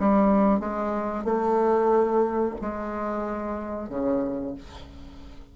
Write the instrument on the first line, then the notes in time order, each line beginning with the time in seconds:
bassoon
0.00 G3
0.60 G#3
1.25 A3
2.62 G#3
3.90 C#3